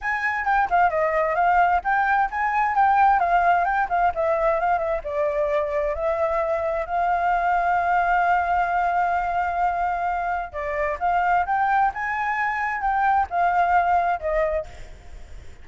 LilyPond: \new Staff \with { instrumentName = "flute" } { \time 4/4 \tempo 4 = 131 gis''4 g''8 f''8 dis''4 f''4 | g''4 gis''4 g''4 f''4 | g''8 f''8 e''4 f''8 e''8 d''4~ | d''4 e''2 f''4~ |
f''1~ | f''2. d''4 | f''4 g''4 gis''2 | g''4 f''2 dis''4 | }